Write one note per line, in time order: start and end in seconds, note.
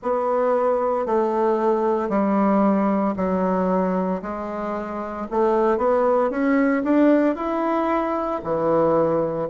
0.02 1.06 B3
1.06 2.09 A3
2.09 3.14 G3
3.16 4.21 F#3
4.22 5.27 G#3
5.31 5.77 A3
5.77 6.30 B3
6.30 6.82 C#4
6.84 7.35 D4
7.35 8.40 E4
8.43 9.48 E3